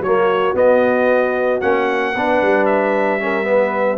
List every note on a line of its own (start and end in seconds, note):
0.00 0.53 F#3
0.00 2.16 F#4
0.00 0.56 C#5
0.06 0.55 A#3
0.55 1.61 B3
0.55 1.61 D#5
1.61 2.15 A#3
1.61 2.15 C#4
1.61 2.66 F#5
2.15 2.42 B3
2.15 3.20 D4
2.15 3.22 B4
2.42 3.98 G3
2.66 3.98 E5
3.20 3.44 C#4
3.20 3.48 A#4
3.44 3.97 B3
3.44 3.98 B4